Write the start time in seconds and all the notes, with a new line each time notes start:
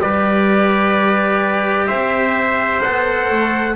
0.00 G3 G4 B4 D5
1.87 C4 C5 E5
2.82 B3 A4 F#5
3.30 A3